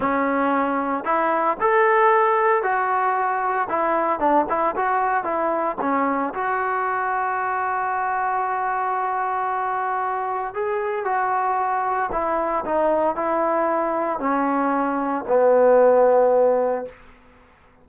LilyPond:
\new Staff \with { instrumentName = "trombone" } { \time 4/4 \tempo 4 = 114 cis'2 e'4 a'4~ | a'4 fis'2 e'4 | d'8 e'8 fis'4 e'4 cis'4 | fis'1~ |
fis'1 | gis'4 fis'2 e'4 | dis'4 e'2 cis'4~ | cis'4 b2. | }